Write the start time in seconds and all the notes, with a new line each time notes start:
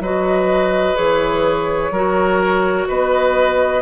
0.00 F#3 F#4 B4 D#5
0.95 E3 G#4 C#5
1.91 F#3 F#4 A#4
2.88 B3 B4 D#5